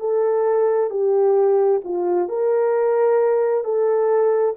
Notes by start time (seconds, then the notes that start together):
0.00 A4
0.90 G4
1.85 F4
2.29 A#4
3.64 A4